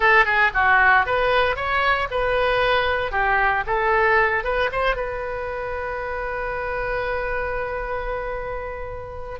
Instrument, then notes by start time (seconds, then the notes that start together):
oboe
0.00 A4
0.25 G#4
0.54 F#4
1.06 B4
1.56 C#5
2.10 B4
3.11 G4
3.66 A4
4.43 B4
4.71 C5
4.96 B4